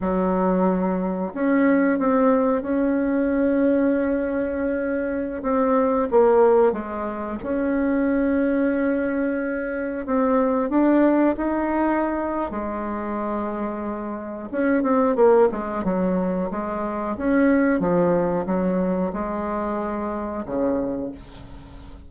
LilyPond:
\new Staff \with { instrumentName = "bassoon" } { \time 4/4 \tempo 4 = 91 fis2 cis'4 c'4 | cis'1~ | cis'16 c'4 ais4 gis4 cis'8.~ | cis'2.~ cis'16 c'8.~ |
c'16 d'4 dis'4.~ dis'16 gis4~ | gis2 cis'8 c'8 ais8 gis8 | fis4 gis4 cis'4 f4 | fis4 gis2 cis4 | }